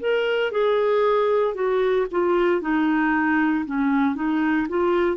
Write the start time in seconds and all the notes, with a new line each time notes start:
0.00 A#4
0.51 G#4
1.54 F#4
2.11 F4
2.61 D#4
3.65 C#4
4.15 D#4
4.69 F4